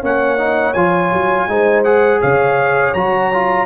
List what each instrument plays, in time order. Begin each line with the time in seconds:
0.00 tuba A#3, trombone C#4, horn C#5, trumpet F#5
0.38 trombone D#4
0.73 tuba F3, trombone F4, trumpet G#5
1.13 tuba F#3
1.48 tuba G#3, trombone D#4, horn C5
1.84 trombone G#4, trumpet F#5
2.21 tuba C#3, horn C#5, trumpet F5
2.94 tuba F#3, trombone F#4, trumpet A#5
3.33 trombone F4